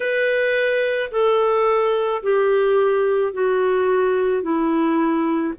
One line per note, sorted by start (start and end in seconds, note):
0.00 1.10 B4
1.11 2.22 A4
2.22 3.33 G4
3.33 4.42 F#4
4.42 5.53 E4